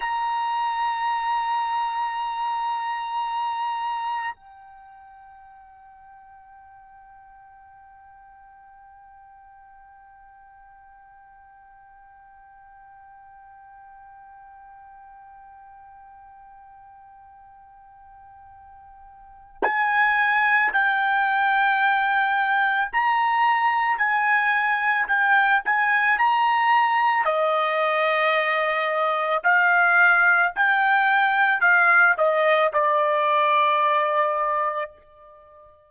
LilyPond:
\new Staff \with { instrumentName = "trumpet" } { \time 4/4 \tempo 4 = 55 ais''1 | g''1~ | g''1~ | g''1~ |
g''2 gis''4 g''4~ | g''4 ais''4 gis''4 g''8 gis''8 | ais''4 dis''2 f''4 | g''4 f''8 dis''8 d''2 | }